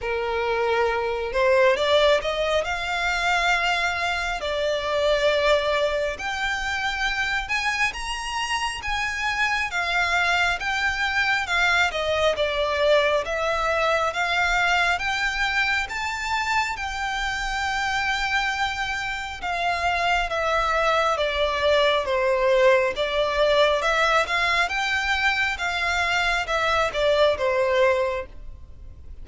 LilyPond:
\new Staff \with { instrumentName = "violin" } { \time 4/4 \tempo 4 = 68 ais'4. c''8 d''8 dis''8 f''4~ | f''4 d''2 g''4~ | g''8 gis''8 ais''4 gis''4 f''4 | g''4 f''8 dis''8 d''4 e''4 |
f''4 g''4 a''4 g''4~ | g''2 f''4 e''4 | d''4 c''4 d''4 e''8 f''8 | g''4 f''4 e''8 d''8 c''4 | }